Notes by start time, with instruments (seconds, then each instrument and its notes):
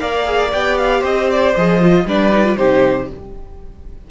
0.00 cello A#3, viola A#4, violin D5 F5
0.25 viola G#4
0.52 cello B3, viola G4, violin G5
0.78 violin F5
1.00 cello C4, violin C5 D#5
1.30 violin D5
1.56 cello F3, viola G#4, violin D#5
1.81 viola F4
2.05 cello G3, viola D4, violin B4 D5
2.32 viola D#4
2.44 viola F4
2.57 cello C3, viola D#4, violin G4 C5